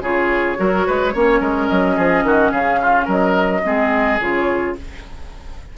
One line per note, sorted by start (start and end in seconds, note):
0.00 0.56 C#3
0.00 0.56 F4
0.00 0.57 G#4
0.00 1.67 C#5
0.56 0.87 F#3
0.56 1.12 F#4
0.56 0.86 A#4
0.86 1.14 G#3
0.86 1.13 B4
1.13 1.40 A#3
1.13 3.63 C#4
1.13 1.40 C#5
1.40 1.68 G#3
1.40 1.95 A#4
1.67 1.97 F#3
1.67 2.50 D#5
1.96 2.23 F3
1.96 2.23 G#4
2.23 2.51 D#3
2.23 2.51 F#4
2.51 3.06 C#3
2.51 2.79 G#4
2.51 3.07 F5
2.81 3.05 F4
3.05 3.63 F#3
3.05 3.61 A#4
3.05 4.19 D#5
3.63 4.19 G#3
3.63 4.19 C4
3.63 4.77 G#4
4.19 4.75 C#3
4.19 4.76 F4
4.19 4.75 C#5